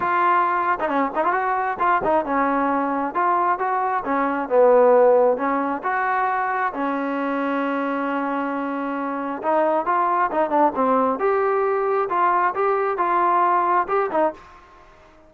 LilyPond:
\new Staff \with { instrumentName = "trombone" } { \time 4/4 \tempo 4 = 134 f'4.~ f'16 dis'16 cis'8 dis'16 f'16 fis'4 | f'8 dis'8 cis'2 f'4 | fis'4 cis'4 b2 | cis'4 fis'2 cis'4~ |
cis'1~ | cis'4 dis'4 f'4 dis'8 d'8 | c'4 g'2 f'4 | g'4 f'2 g'8 dis'8 | }